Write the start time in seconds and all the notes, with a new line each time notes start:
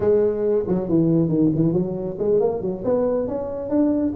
0.00 G#3
0.67 F#3
0.88 E3
1.29 D#3
1.55 E3
1.73 F#3
2.19 G#3
2.39 A#3
2.61 F#3
2.84 B3
3.27 C#4
3.69 D4